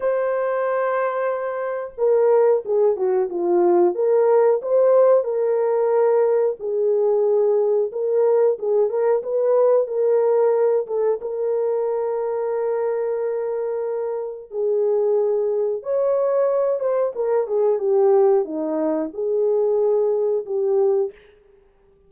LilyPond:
\new Staff \with { instrumentName = "horn" } { \time 4/4 \tempo 4 = 91 c''2. ais'4 | gis'8 fis'8 f'4 ais'4 c''4 | ais'2 gis'2 | ais'4 gis'8 ais'8 b'4 ais'4~ |
ais'8 a'8 ais'2.~ | ais'2 gis'2 | cis''4. c''8 ais'8 gis'8 g'4 | dis'4 gis'2 g'4 | }